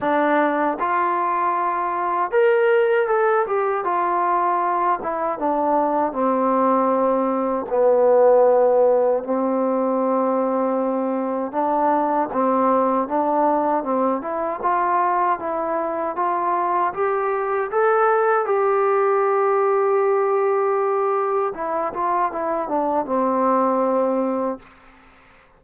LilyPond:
\new Staff \with { instrumentName = "trombone" } { \time 4/4 \tempo 4 = 78 d'4 f'2 ais'4 | a'8 g'8 f'4. e'8 d'4 | c'2 b2 | c'2. d'4 |
c'4 d'4 c'8 e'8 f'4 | e'4 f'4 g'4 a'4 | g'1 | e'8 f'8 e'8 d'8 c'2 | }